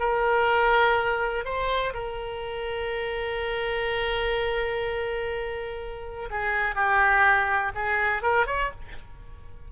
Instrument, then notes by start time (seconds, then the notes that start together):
oboe
0.00 A#4
1.45 C5
1.94 A#4
6.31 G#4
6.75 G4
7.75 G#4
8.23 A#4
8.47 C#5